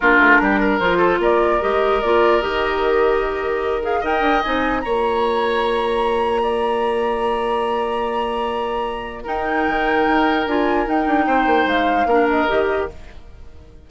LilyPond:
<<
  \new Staff \with { instrumentName = "flute" } { \time 4/4 \tempo 4 = 149 ais'2 c''4 d''4 | dis''4 d''4 dis''2~ | dis''4. f''8 g''4 gis''4 | ais''1~ |
ais''1~ | ais''2. g''4~ | g''2 gis''4 g''4~ | g''4 f''4. dis''4. | }
  \new Staff \with { instrumentName = "oboe" } { \time 4/4 f'4 g'8 ais'4 a'8 ais'4~ | ais'1~ | ais'2 dis''2 | cis''1 |
d''1~ | d''2. ais'4~ | ais'1 | c''2 ais'2 | }
  \new Staff \with { instrumentName = "clarinet" } { \time 4/4 d'2 f'2 | g'4 f'4 g'2~ | g'4. gis'8 ais'4 dis'4 | f'1~ |
f'1~ | f'2. dis'4~ | dis'2 f'4 dis'4~ | dis'2 d'4 g'4 | }
  \new Staff \with { instrumentName = "bassoon" } { \time 4/4 ais8 a8 g4 f4 ais4 | gis4 ais4 dis2~ | dis2 dis'8 d'8 c'4 | ais1~ |
ais1~ | ais2. dis'4 | dis4 dis'4 d'4 dis'8 d'8 | c'8 ais8 gis4 ais4 dis4 | }
>>